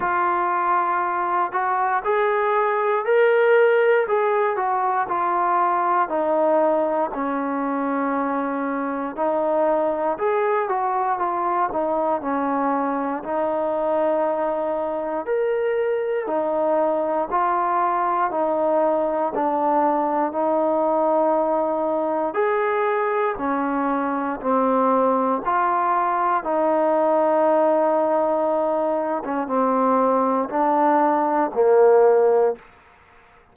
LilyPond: \new Staff \with { instrumentName = "trombone" } { \time 4/4 \tempo 4 = 59 f'4. fis'8 gis'4 ais'4 | gis'8 fis'8 f'4 dis'4 cis'4~ | cis'4 dis'4 gis'8 fis'8 f'8 dis'8 | cis'4 dis'2 ais'4 |
dis'4 f'4 dis'4 d'4 | dis'2 gis'4 cis'4 | c'4 f'4 dis'2~ | dis'8. cis'16 c'4 d'4 ais4 | }